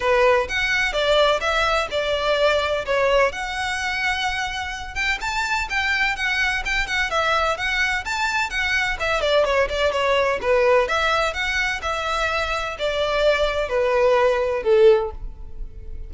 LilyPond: \new Staff \with { instrumentName = "violin" } { \time 4/4 \tempo 4 = 127 b'4 fis''4 d''4 e''4 | d''2 cis''4 fis''4~ | fis''2~ fis''8 g''8 a''4 | g''4 fis''4 g''8 fis''8 e''4 |
fis''4 a''4 fis''4 e''8 d''8 | cis''8 d''8 cis''4 b'4 e''4 | fis''4 e''2 d''4~ | d''4 b'2 a'4 | }